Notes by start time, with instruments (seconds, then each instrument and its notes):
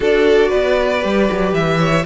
0.00 cello D4, viola F#4, violin A4 D5
0.48 cello B3, violin B4
0.99 cello G3, viola G4
1.31 cello F#3
1.53 cello E3, violin E5
1.78 violin C#5